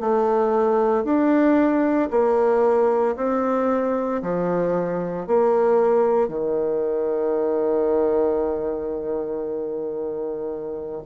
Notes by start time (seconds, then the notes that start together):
0.00 A3
1.04 D4
2.10 A#3
3.16 C4
4.22 F3
5.27 A#3
6.28 D#3